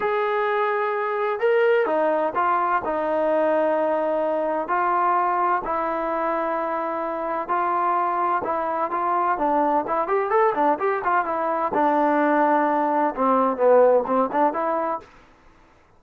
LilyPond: \new Staff \with { instrumentName = "trombone" } { \time 4/4 \tempo 4 = 128 gis'2. ais'4 | dis'4 f'4 dis'2~ | dis'2 f'2 | e'1 |
f'2 e'4 f'4 | d'4 e'8 g'8 a'8 d'8 g'8 f'8 | e'4 d'2. | c'4 b4 c'8 d'8 e'4 | }